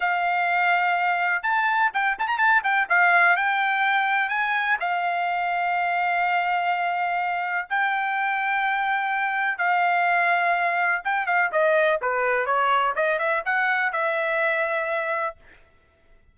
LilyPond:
\new Staff \with { instrumentName = "trumpet" } { \time 4/4 \tempo 4 = 125 f''2. a''4 | g''8 a''16 ais''16 a''8 g''8 f''4 g''4~ | g''4 gis''4 f''2~ | f''1 |
g''1 | f''2. g''8 f''8 | dis''4 b'4 cis''4 dis''8 e''8 | fis''4 e''2. | }